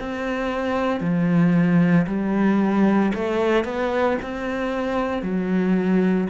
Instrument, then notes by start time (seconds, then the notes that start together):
cello
0.00 C4
1.01 F3
2.07 G3
3.15 A3
3.65 B3
4.22 C4
5.22 F#3